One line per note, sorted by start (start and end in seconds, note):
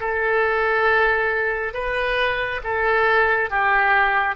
0.00 1.74 A4
1.74 2.60 B4
2.63 3.50 A4
3.50 4.36 G4